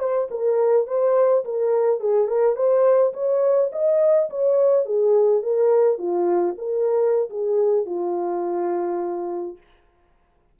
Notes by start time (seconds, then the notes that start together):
0.00 C5
0.31 A#4
0.88 C5
1.45 A#4
2.01 G#4
2.28 A#4
2.56 C5
3.14 C#5
3.73 D#5
4.30 C#5
4.86 G#4
5.43 A#4
5.99 F4
6.58 A#4
7.30 G#4
7.86 F4